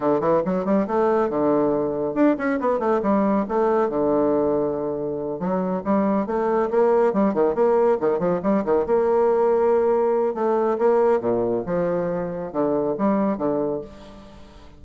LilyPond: \new Staff \with { instrumentName = "bassoon" } { \time 4/4 \tempo 4 = 139 d8 e8 fis8 g8 a4 d4~ | d4 d'8 cis'8 b8 a8 g4 | a4 d2.~ | d8 fis4 g4 a4 ais8~ |
ais8 g8 dis8 ais4 dis8 f8 g8 | dis8 ais2.~ ais8 | a4 ais4 ais,4 f4~ | f4 d4 g4 d4 | }